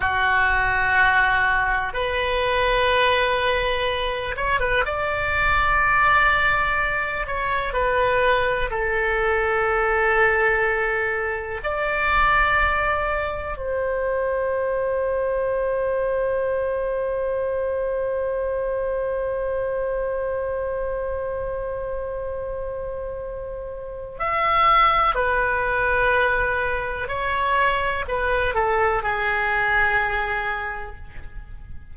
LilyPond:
\new Staff \with { instrumentName = "oboe" } { \time 4/4 \tempo 4 = 62 fis'2 b'2~ | b'8 cis''16 b'16 d''2~ d''8 cis''8 | b'4 a'2. | d''2 c''2~ |
c''1~ | c''1~ | c''4 e''4 b'2 | cis''4 b'8 a'8 gis'2 | }